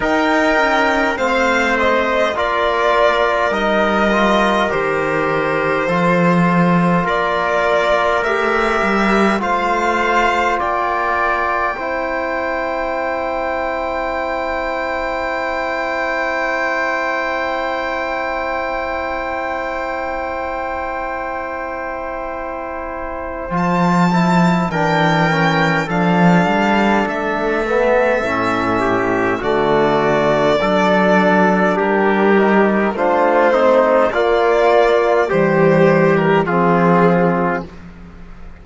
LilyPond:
<<
  \new Staff \with { instrumentName = "violin" } { \time 4/4 \tempo 4 = 51 g''4 f''8 dis''8 d''4 dis''4 | c''2 d''4 e''4 | f''4 g''2.~ | g''1~ |
g''1 | a''4 g''4 f''4 e''4~ | e''4 d''2 ais'4 | c''4 d''4 c''8. ais'16 gis'4 | }
  \new Staff \with { instrumentName = "trumpet" } { \time 4/4 ais'4 c''4 ais'2~ | ais'4 a'4 ais'2 | c''4 d''4 c''2~ | c''1~ |
c''1~ | c''4 ais'4 a'2~ | a'8 g'8 fis'4 a'4 g'4 | f'8 dis'8 f'4 g'4 f'4 | }
  \new Staff \with { instrumentName = "trombone" } { \time 4/4 dis'4 c'4 f'4 dis'8 f'8 | g'4 f'2 g'4 | f'2 e'2~ | e'1~ |
e'1 | f'8 e'8 d'8 cis'8 d'4. b8 | cis'4 a4 d'4. dis'8 | d'8 c'8 ais4 g4 c'4 | }
  \new Staff \with { instrumentName = "cello" } { \time 4/4 dis'8 cis'8 a4 ais4 g4 | dis4 f4 ais4 a8 g8 | a4 ais4 c'2~ | c'1~ |
c'1 | f4 e4 f8 g8 a4 | a,4 d4 fis4 g4 | a4 ais4 e4 f4 | }
>>